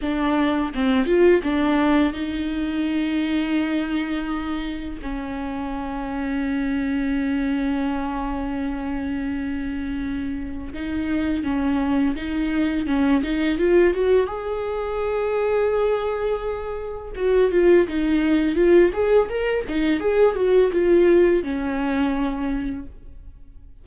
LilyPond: \new Staff \with { instrumentName = "viola" } { \time 4/4 \tempo 4 = 84 d'4 c'8 f'8 d'4 dis'4~ | dis'2. cis'4~ | cis'1~ | cis'2. dis'4 |
cis'4 dis'4 cis'8 dis'8 f'8 fis'8 | gis'1 | fis'8 f'8 dis'4 f'8 gis'8 ais'8 dis'8 | gis'8 fis'8 f'4 cis'2 | }